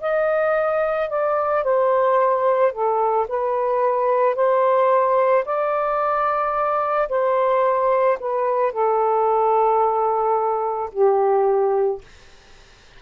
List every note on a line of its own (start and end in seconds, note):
0.00 1.09 D#5
1.09 1.64 D5
1.64 2.72 C5
2.72 3.26 A4
3.28 4.35 B4
4.35 5.44 C5
5.44 7.08 D5
7.09 8.18 C5
8.19 8.72 B4
8.72 10.90 A4
10.92 12.01 G4